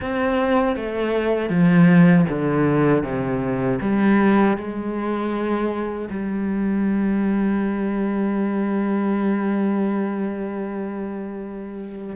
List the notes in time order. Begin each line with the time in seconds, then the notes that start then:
0.00 C4
0.76 A3
1.49 F3
2.29 D3
3.03 C3
3.81 G3
4.57 G#3
6.10 G3